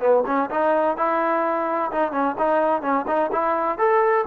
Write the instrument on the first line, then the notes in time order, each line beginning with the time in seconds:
trombone
0.00 B3
0.26 C#4
0.50 D#4
0.97 E4
1.91 D#4
2.12 C#4
2.38 D#4
2.82 C#4
3.07 D#4
3.32 E4
3.78 A4